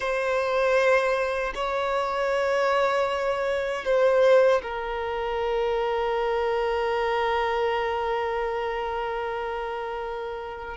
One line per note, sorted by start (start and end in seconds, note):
0.00 1.53 C5
1.54 3.85 C#5
3.85 4.62 C5
4.62 10.77 A#4